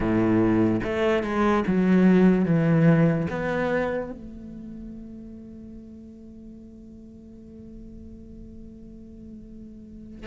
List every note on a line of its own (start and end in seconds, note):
0.00 0.80 A2
0.83 1.23 A3
1.23 1.64 G#3
1.67 2.45 F#3
2.45 3.27 E3
3.30 4.11 B3
4.11 10.26 A3